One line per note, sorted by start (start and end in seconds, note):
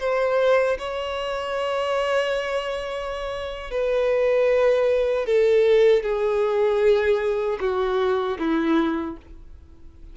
0.00 0.78 C5
0.79 3.71 C#5
3.71 5.26 B4
5.26 6.03 A4
6.03 7.59 G#4
7.60 8.38 F#4
8.39 9.17 E4